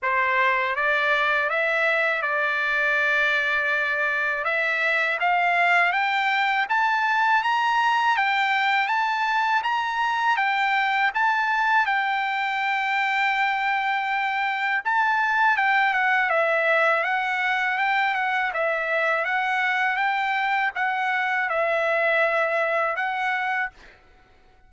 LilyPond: \new Staff \with { instrumentName = "trumpet" } { \time 4/4 \tempo 4 = 81 c''4 d''4 e''4 d''4~ | d''2 e''4 f''4 | g''4 a''4 ais''4 g''4 | a''4 ais''4 g''4 a''4 |
g''1 | a''4 g''8 fis''8 e''4 fis''4 | g''8 fis''8 e''4 fis''4 g''4 | fis''4 e''2 fis''4 | }